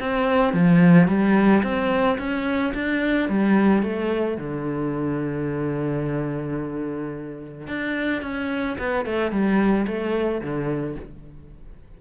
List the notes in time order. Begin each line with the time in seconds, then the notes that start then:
0.00 C4
0.54 F3
1.08 G3
1.63 C4
2.18 C#4
2.74 D4
3.29 G3
3.83 A3
4.38 D3
7.68 D4
8.22 C#4
8.79 B3
9.06 A3
9.32 G3
9.87 A3
10.41 D3